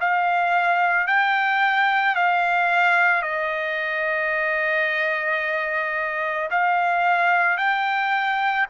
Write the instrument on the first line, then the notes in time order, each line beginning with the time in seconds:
trumpet
0.00 F5
1.07 G5
2.15 F5
3.22 D#5
6.51 F5
7.58 G5